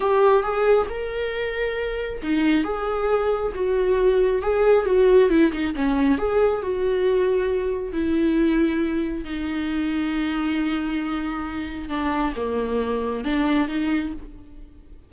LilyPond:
\new Staff \with { instrumentName = "viola" } { \time 4/4 \tempo 4 = 136 g'4 gis'4 ais'2~ | ais'4 dis'4 gis'2 | fis'2 gis'4 fis'4 | e'8 dis'8 cis'4 gis'4 fis'4~ |
fis'2 e'2~ | e'4 dis'2.~ | dis'2. d'4 | ais2 d'4 dis'4 | }